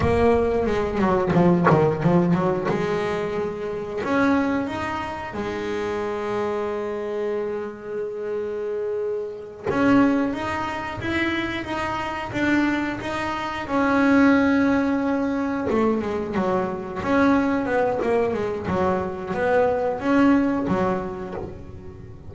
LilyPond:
\new Staff \with { instrumentName = "double bass" } { \time 4/4 \tempo 4 = 90 ais4 gis8 fis8 f8 dis8 f8 fis8 | gis2 cis'4 dis'4 | gis1~ | gis2~ gis8 cis'4 dis'8~ |
dis'8 e'4 dis'4 d'4 dis'8~ | dis'8 cis'2. a8 | gis8 fis4 cis'4 b8 ais8 gis8 | fis4 b4 cis'4 fis4 | }